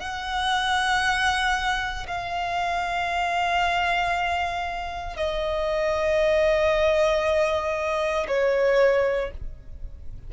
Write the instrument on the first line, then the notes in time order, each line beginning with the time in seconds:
violin
0.00 F#5
2.07 F5
5.17 D#5
8.28 C#5